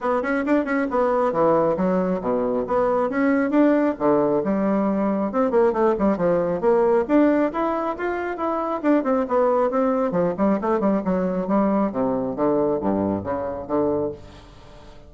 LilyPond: \new Staff \with { instrumentName = "bassoon" } { \time 4/4 \tempo 4 = 136 b8 cis'8 d'8 cis'8 b4 e4 | fis4 b,4 b4 cis'4 | d'4 d4 g2 | c'8 ais8 a8 g8 f4 ais4 |
d'4 e'4 f'4 e'4 | d'8 c'8 b4 c'4 f8 g8 | a8 g8 fis4 g4 c4 | d4 g,4 cis4 d4 | }